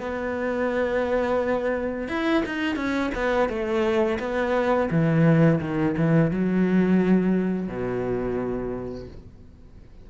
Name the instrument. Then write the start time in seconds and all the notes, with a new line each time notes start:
cello
0.00 B3
2.09 E4
2.46 D#4
2.76 C#4
3.15 B3
3.49 A3
4.20 B3
4.91 E3
5.61 D#3
5.98 E3
6.31 F#3
7.68 B2